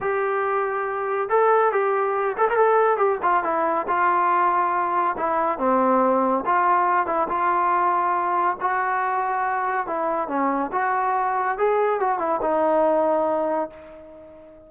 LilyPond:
\new Staff \with { instrumentName = "trombone" } { \time 4/4 \tempo 4 = 140 g'2. a'4 | g'4. a'16 ais'16 a'4 g'8 f'8 | e'4 f'2. | e'4 c'2 f'4~ |
f'8 e'8 f'2. | fis'2. e'4 | cis'4 fis'2 gis'4 | fis'8 e'8 dis'2. | }